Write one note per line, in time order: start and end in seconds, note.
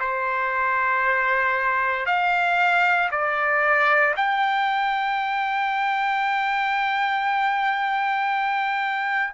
0.00 2.06 C5
2.06 3.09 F5
3.11 4.14 D5
4.16 9.33 G5